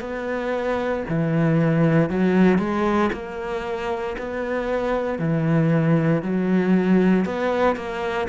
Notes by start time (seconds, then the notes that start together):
0.00 B3
1.09 E3
2.09 F#3
2.58 G#3
3.12 A#3
4.18 B3
5.18 E3
6.22 F#3
7.25 B3
7.75 A#3